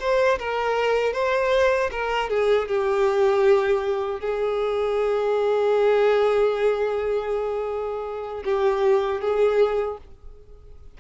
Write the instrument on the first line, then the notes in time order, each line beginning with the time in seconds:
violin
0.00 C5
0.39 A#4
1.13 C5
1.91 A#4
2.30 G#4
2.68 G4
4.20 G#4
8.45 G4
9.21 G#4